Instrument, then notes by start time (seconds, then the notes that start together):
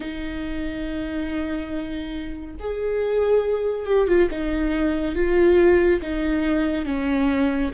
viola
0.00 D#4
2.59 G#4
3.86 G4
4.07 F4
4.30 D#4
5.15 F4
6.01 D#4
6.85 C#4